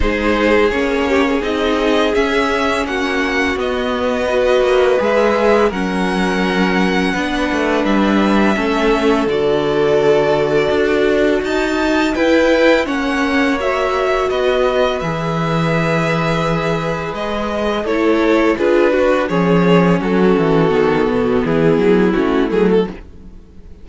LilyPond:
<<
  \new Staff \with { instrumentName = "violin" } { \time 4/4 \tempo 4 = 84 c''4 cis''4 dis''4 e''4 | fis''4 dis''2 e''4 | fis''2. e''4~ | e''4 d''2. |
a''4 g''4 fis''4 e''4 | dis''4 e''2. | dis''4 cis''4 b'4 cis''4 | a'2 gis'4 fis'8 gis'16 a'16 | }
  \new Staff \with { instrumentName = "violin" } { \time 4/4 gis'4. g'16 gis'2~ gis'16 | fis'2 b'2 | ais'2 b'2 | a'1 |
dis''4 b'4 cis''2 | b'1~ | b'4 a'4 gis'8 fis'8 gis'4 | fis'2 e'2 | }
  \new Staff \with { instrumentName = "viola" } { \time 4/4 dis'4 cis'4 dis'4 cis'4~ | cis'4 b4 fis'4 gis'4 | cis'2 d'2 | cis'4 fis'2.~ |
fis'4 e'4 cis'4 fis'4~ | fis'4 gis'2.~ | gis'4 e'4 f'8 fis'8 cis'4~ | cis'4 b2 cis'8 a8 | }
  \new Staff \with { instrumentName = "cello" } { \time 4/4 gis4 ais4 c'4 cis'4 | ais4 b4. ais8 gis4 | fis2 b8 a8 g4 | a4 d2 d'4 |
dis'4 e'4 ais2 | b4 e2. | gis4 a4 d'4 f4 | fis8 e8 dis8 b,8 e8 fis8 a8 fis8 | }
>>